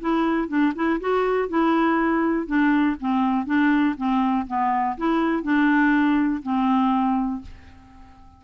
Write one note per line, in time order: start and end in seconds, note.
0.00 0.48 E4
0.48 0.73 D4
0.75 1.00 E4
1.00 1.48 F#4
1.48 2.46 E4
2.46 2.96 D4
3.00 3.46 C4
3.46 3.95 D4
3.97 4.46 C4
4.47 4.96 B3
4.97 5.43 E4
5.43 6.42 D4
6.42 7.41 C4